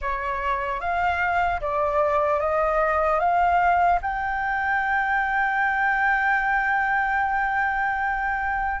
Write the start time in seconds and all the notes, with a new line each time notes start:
0.01 C#5
0.80 F5
1.60 D5
2.40 D#5
3.19 F5
4.01 G5